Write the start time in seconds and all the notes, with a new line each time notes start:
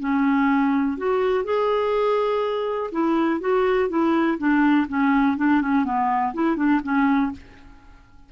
0.00 C#4
0.98 F#4
1.45 G#4
2.92 E4
3.40 F#4
3.89 E4
4.38 D4
4.88 C#4
5.37 D4
5.62 C#4
5.85 B3
6.34 E4
6.56 D4
6.83 C#4